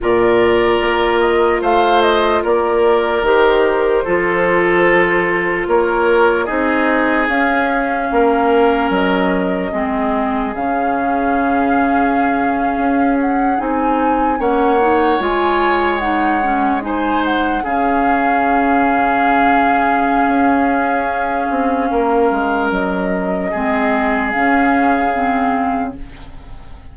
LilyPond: <<
  \new Staff \with { instrumentName = "flute" } { \time 4/4 \tempo 4 = 74 d''4. dis''8 f''8 dis''8 d''4 | c''2. cis''4 | dis''4 f''2 dis''4~ | dis''4 f''2.~ |
f''16 fis''8 gis''4 fis''4 gis''4 fis''16~ | fis''8. gis''8 fis''8 f''2~ f''16~ | f''1 | dis''2 f''2 | }
  \new Staff \with { instrumentName = "oboe" } { \time 4/4 ais'2 c''4 ais'4~ | ais'4 a'2 ais'4 | gis'2 ais'2 | gis'1~ |
gis'4.~ gis'16 cis''2~ cis''16~ | cis''8. c''4 gis'2~ gis'16~ | gis'2. ais'4~ | ais'4 gis'2. | }
  \new Staff \with { instrumentName = "clarinet" } { \time 4/4 f'1 | g'4 f'2. | dis'4 cis'2. | c'4 cis'2.~ |
cis'8. dis'4 cis'8 dis'8 f'4 dis'16~ | dis'16 cis'8 dis'4 cis'2~ cis'16~ | cis'1~ | cis'4 c'4 cis'4 c'4 | }
  \new Staff \with { instrumentName = "bassoon" } { \time 4/4 ais,4 ais4 a4 ais4 | dis4 f2 ais4 | c'4 cis'4 ais4 fis4 | gis4 cis2~ cis8. cis'16~ |
cis'8. c'4 ais4 gis4~ gis16~ | gis4.~ gis16 cis2~ cis16~ | cis4 cis'4. c'8 ais8 gis8 | fis4 gis4 cis2 | }
>>